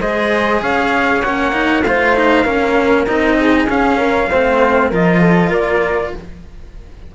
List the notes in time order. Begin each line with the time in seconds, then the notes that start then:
0.00 G#3 G#4 C5 D#5
0.62 C#4 C#5 F5
1.22 A#3 C#4 F#5
1.52 D#4
1.83 A3 F4 C5 F5
2.16 D#4
2.44 A#3 C#4 A#4
3.07 C4 D#4 D#5
3.40 G#4
3.66 C#4 F5
3.97 A#4
4.30 A3 C4 C5
4.89 F3 F4 A#4 D#5
5.20 A4
5.49 A#3 A#4 D5